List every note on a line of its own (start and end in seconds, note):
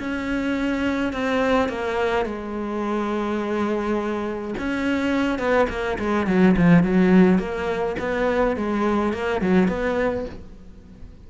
0.00 1.13 C#4
1.13 1.69 C4
1.69 2.26 A#3
2.26 4.55 G#3
4.59 5.39 C#4
5.39 5.68 B3
5.70 5.98 A#3
5.99 6.27 G#3
6.27 6.56 F#3
6.57 6.84 F3
6.84 7.39 F#3
7.39 7.96 A#3
8.00 8.57 B3
8.57 9.13 G#3
9.13 9.42 A#3
9.42 9.69 F#3
9.69 10.26 B3